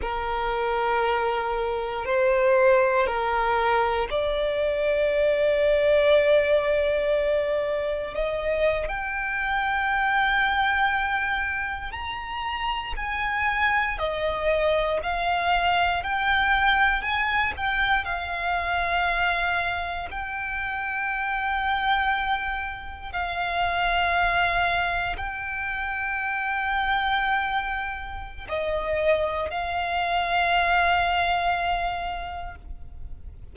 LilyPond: \new Staff \with { instrumentName = "violin" } { \time 4/4 \tempo 4 = 59 ais'2 c''4 ais'4 | d''1 | dis''8. g''2. ais''16~ | ais''8. gis''4 dis''4 f''4 g''16~ |
g''8. gis''8 g''8 f''2 g''16~ | g''2~ g''8. f''4~ f''16~ | f''8. g''2.~ g''16 | dis''4 f''2. | }